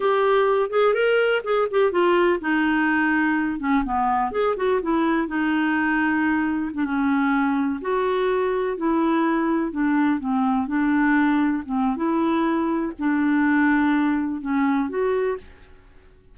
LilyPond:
\new Staff \with { instrumentName = "clarinet" } { \time 4/4 \tempo 4 = 125 g'4. gis'8 ais'4 gis'8 g'8 | f'4 dis'2~ dis'8 cis'8 | b4 gis'8 fis'8 e'4 dis'4~ | dis'2 d'16 cis'4.~ cis'16~ |
cis'16 fis'2 e'4.~ e'16~ | e'16 d'4 c'4 d'4.~ d'16~ | d'16 c'8. e'2 d'4~ | d'2 cis'4 fis'4 | }